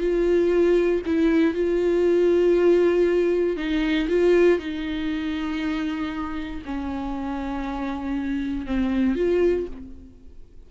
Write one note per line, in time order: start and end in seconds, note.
0.00 1.02 F4
1.06 1.54 E4
1.54 3.56 F4
3.56 4.07 D#4
4.08 4.59 F4
4.59 6.62 D#4
6.65 8.66 C#4
8.66 9.15 C4
9.15 9.66 F4